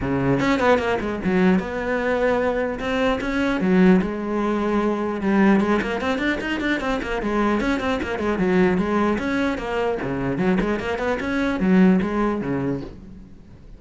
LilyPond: \new Staff \with { instrumentName = "cello" } { \time 4/4 \tempo 4 = 150 cis4 cis'8 b8 ais8 gis8 fis4 | b2. c'4 | cis'4 fis4 gis2~ | gis4 g4 gis8 ais8 c'8 d'8 |
dis'8 d'8 c'8 ais8 gis4 cis'8 c'8 | ais8 gis8 fis4 gis4 cis'4 | ais4 cis4 fis8 gis8 ais8 b8 | cis'4 fis4 gis4 cis4 | }